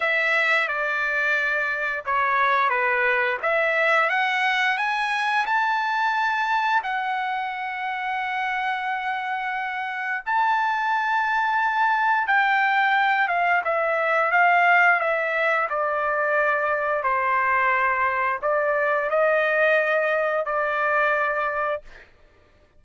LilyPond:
\new Staff \with { instrumentName = "trumpet" } { \time 4/4 \tempo 4 = 88 e''4 d''2 cis''4 | b'4 e''4 fis''4 gis''4 | a''2 fis''2~ | fis''2. a''4~ |
a''2 g''4. f''8 | e''4 f''4 e''4 d''4~ | d''4 c''2 d''4 | dis''2 d''2 | }